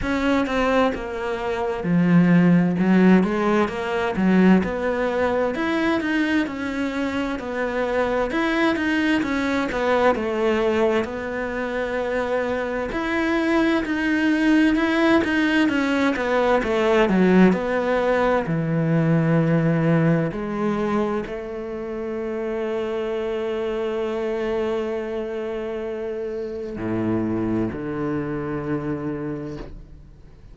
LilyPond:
\new Staff \with { instrumentName = "cello" } { \time 4/4 \tempo 4 = 65 cis'8 c'8 ais4 f4 fis8 gis8 | ais8 fis8 b4 e'8 dis'8 cis'4 | b4 e'8 dis'8 cis'8 b8 a4 | b2 e'4 dis'4 |
e'8 dis'8 cis'8 b8 a8 fis8 b4 | e2 gis4 a4~ | a1~ | a4 a,4 d2 | }